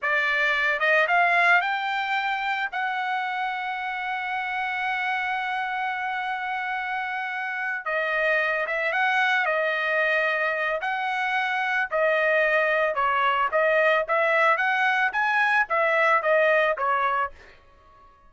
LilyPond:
\new Staff \with { instrumentName = "trumpet" } { \time 4/4 \tempo 4 = 111 d''4. dis''8 f''4 g''4~ | g''4 fis''2.~ | fis''1~ | fis''2~ fis''8 dis''4. |
e''8 fis''4 dis''2~ dis''8 | fis''2 dis''2 | cis''4 dis''4 e''4 fis''4 | gis''4 e''4 dis''4 cis''4 | }